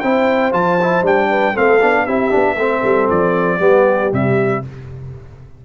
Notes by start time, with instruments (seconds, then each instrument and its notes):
0.00 tuba C4, trombone E4, horn C5, trumpet G5
0.52 tuba F3, trombone F4, trumpet A5
0.82 trombone E4
1.02 tuba G3, trombone D4, trumpet G5
1.30 horn B4
1.53 tuba A3, trombone C4, horn A4, trumpet F5
1.81 tuba B3, trombone D4
2.05 tuba C4, trombone E4, horn G4, trumpet E5
2.30 tuba B3, trombone D4
2.57 tuba A3, trombone C4, horn A4
2.84 tuba G3
3.10 tuba F3, trumpet D5
3.58 tuba G3, trombone B3, horn G4
4.11 tuba C3, trombone G3, trumpet E5